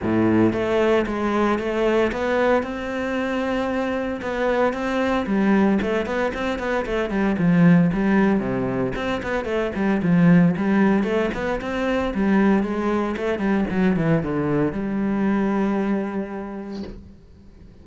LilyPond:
\new Staff \with { instrumentName = "cello" } { \time 4/4 \tempo 4 = 114 a,4 a4 gis4 a4 | b4 c'2. | b4 c'4 g4 a8 b8 | c'8 b8 a8 g8 f4 g4 |
c4 c'8 b8 a8 g8 f4 | g4 a8 b8 c'4 g4 | gis4 a8 g8 fis8 e8 d4 | g1 | }